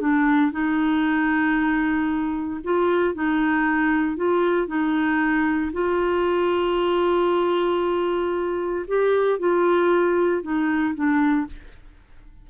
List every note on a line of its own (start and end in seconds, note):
0.00 0.52 D4
0.52 2.60 D#4
2.64 3.14 F4
3.14 4.16 D#4
4.16 4.67 F4
4.67 5.71 D#4
5.72 8.86 F4
8.87 9.39 G4
9.39 10.42 F4
10.42 10.94 D#4
10.94 11.47 D4